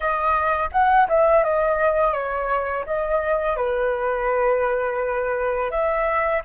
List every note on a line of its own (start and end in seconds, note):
0.00 0.69 D#5
0.71 1.07 F#5
1.08 1.43 E5
1.43 2.13 D#5
2.13 2.84 C#5
2.86 3.56 D#5
3.56 5.70 B4
5.70 6.42 E5